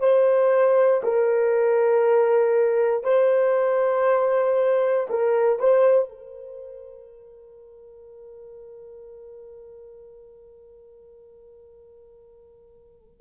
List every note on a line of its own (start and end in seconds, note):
0.00 1.02 C5
1.04 3.04 A#4
3.04 5.08 C5
5.10 5.60 A#4
5.60 6.09 C5
6.09 13.21 A#4